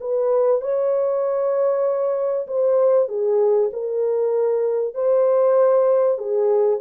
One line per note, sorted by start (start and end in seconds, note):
0.00 0.61 B4
0.61 2.47 C#5
2.47 3.08 C5
3.08 3.70 G#4
3.73 4.94 A#4
4.94 6.18 C5
6.18 6.80 G#4